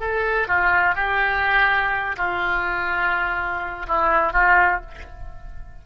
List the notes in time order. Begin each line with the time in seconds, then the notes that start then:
0.00 A4
0.48 F4
0.95 G4
2.17 F4
3.87 E4
4.33 F4